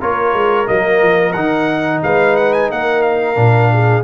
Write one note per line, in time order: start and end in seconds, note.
0.00 0.33 A#3
0.00 0.66 F4
0.00 2.02 A#4
0.00 0.67 C#5
0.33 0.67 G#3
0.66 1.02 F#3
0.66 1.34 A#3
0.66 1.33 D#5
1.02 1.35 F3
1.33 2.02 D#3
1.33 3.35 D#4
1.33 2.00 F#5
2.03 2.70 G#3
2.03 2.70 B4
2.03 2.36 F5
2.36 2.53 F#5
2.53 2.70 G#5
2.70 3.37 A#3
2.70 3.71 A#4
2.70 3.02 F#5
3.02 4.03 F5
3.35 4.04 A#2
3.35 4.02 D4
3.72 4.04 G#4